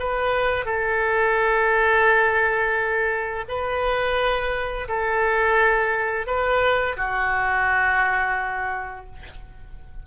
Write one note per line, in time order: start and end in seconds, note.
0.00 0.66 B4
0.66 3.45 A4
3.49 4.88 B4
4.89 6.27 A4
6.27 6.97 B4
6.97 9.06 F#4